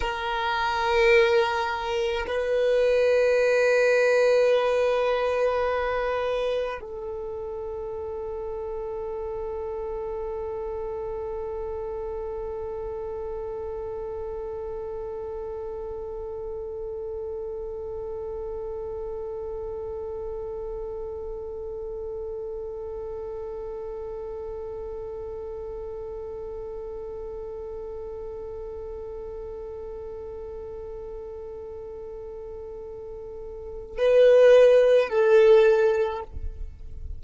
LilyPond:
\new Staff \with { instrumentName = "violin" } { \time 4/4 \tempo 4 = 53 ais'2 b'2~ | b'2 a'2~ | a'1~ | a'1~ |
a'1~ | a'1~ | a'1~ | a'2 b'4 a'4 | }